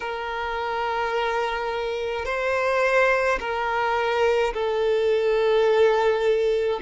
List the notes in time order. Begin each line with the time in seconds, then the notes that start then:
0.00 A#4
2.25 C5
3.40 A#4
4.53 A4